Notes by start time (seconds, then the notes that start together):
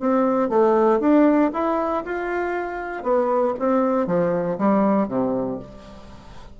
0.00 C4
0.49 A3
1.00 D4
1.53 E4
2.05 F4
3.03 B3
3.59 C4
4.07 F3
4.58 G3
5.08 C3